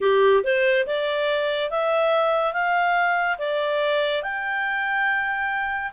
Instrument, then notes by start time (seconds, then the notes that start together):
clarinet
0.00 G4
0.43 C5
0.86 D5
1.70 E5
2.53 F5
3.38 D5
4.23 G5